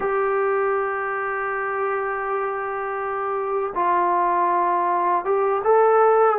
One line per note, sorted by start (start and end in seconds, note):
0.00 3.73 G4
3.74 5.24 F4
5.24 5.62 G4
5.64 6.38 A4